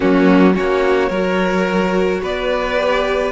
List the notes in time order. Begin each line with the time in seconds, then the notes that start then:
0.00 F#3 A#3 C#4 F#4
0.53 A#3 C#4 F#4 C#5
1.09 F#3 F#4 A#4
2.21 B3 B4 D5
2.76 G4